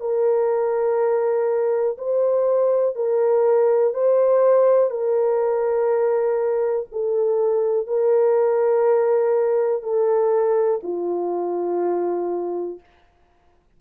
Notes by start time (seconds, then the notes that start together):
0.00 A#4
1.98 C5
2.95 A#4
3.93 C5
4.90 A#4
6.92 A4
7.87 A#4
9.82 A4
10.83 F4